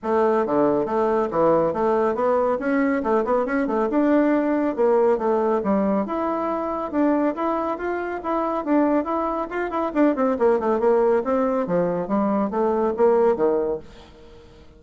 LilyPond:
\new Staff \with { instrumentName = "bassoon" } { \time 4/4 \tempo 4 = 139 a4 d4 a4 e4 | a4 b4 cis'4 a8 b8 | cis'8 a8 d'2 ais4 | a4 g4 e'2 |
d'4 e'4 f'4 e'4 | d'4 e'4 f'8 e'8 d'8 c'8 | ais8 a8 ais4 c'4 f4 | g4 a4 ais4 dis4 | }